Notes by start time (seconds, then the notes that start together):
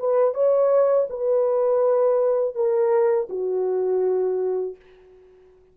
0.00 B4
0.35 C#5
1.10 B4
2.55 A#4
3.30 F#4